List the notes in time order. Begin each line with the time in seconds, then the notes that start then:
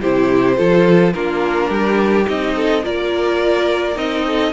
0.00 C3 E4 G4 C5
0.56 F3 F4 A4
1.12 A#3 D4 F4 A#4
1.69 G3 G4
2.24 C4 D#4 D#5
2.55 A4
2.81 A#3 F4 A#4 D5
3.95 C4 D#4 D#5
4.25 A4